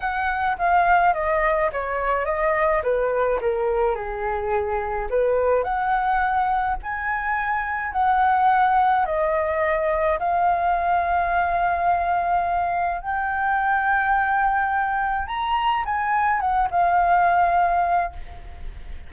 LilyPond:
\new Staff \with { instrumentName = "flute" } { \time 4/4 \tempo 4 = 106 fis''4 f''4 dis''4 cis''4 | dis''4 b'4 ais'4 gis'4~ | gis'4 b'4 fis''2 | gis''2 fis''2 |
dis''2 f''2~ | f''2. g''4~ | g''2. ais''4 | gis''4 fis''8 f''2~ f''8 | }